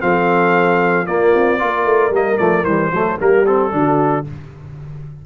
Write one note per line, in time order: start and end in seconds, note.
0.00 1.08 F3
0.00 1.06 C4
0.00 1.07 A4
0.00 1.07 F5
1.07 1.59 A#3
1.07 1.34 A#3
1.07 1.60 F4
1.07 2.13 D5
1.35 1.61 C4
1.59 1.85 A#3
1.59 2.12 F4
1.59 2.92 A#4
1.85 2.11 A3
2.11 2.37 G3
2.11 2.38 A#3
2.11 2.38 D#5
2.38 2.64 F3
2.38 2.65 A3
2.38 2.64 D5
2.64 2.91 E3
2.64 2.91 G3
2.64 3.18 C5
2.92 3.18 F#3
2.92 3.19 A3
2.92 3.21 A4
3.19 3.73 G3
3.19 3.45 A#3
3.19 3.73 G4
3.19 3.46 A#4
3.46 3.71 C4
3.46 4.26 A4
3.71 4.26 D3
3.71 4.25 D4
3.71 4.26 F#4